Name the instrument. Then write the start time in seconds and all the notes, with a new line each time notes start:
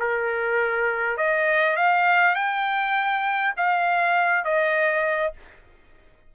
trumpet
0.00 A#4
1.18 D#5
1.77 F5
2.35 G5
3.57 F5
4.45 D#5